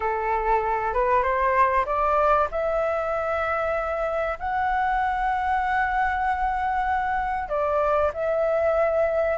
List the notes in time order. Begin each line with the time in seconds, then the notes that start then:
0.00 A4
0.93 B4
1.22 C5
1.85 D5
2.51 E5
4.39 F#5
7.49 D5
8.13 E5